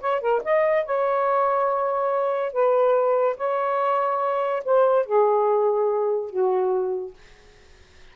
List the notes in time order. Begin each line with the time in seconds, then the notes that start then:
0.00 C#5
0.21 A#4
0.44 D#5
0.85 C#5
2.52 B4
3.37 C#5
4.64 C5
5.05 G#4
6.30 F#4